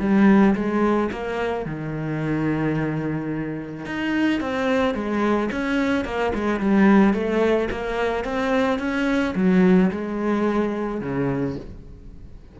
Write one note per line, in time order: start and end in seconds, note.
0.00 0.55 G3
0.56 1.11 G#3
1.12 1.66 A#3
1.66 3.86 D#3
3.86 4.41 D#4
4.41 4.95 C4
4.95 5.50 G#3
5.52 6.05 C#4
6.05 6.33 A#3
6.35 6.61 G#3
6.61 7.14 G3
7.14 7.69 A3
7.71 8.24 A#3
8.24 8.79 C4
8.79 9.34 C#4
9.36 9.91 F#3
9.91 11.01 G#3
11.01 11.56 C#3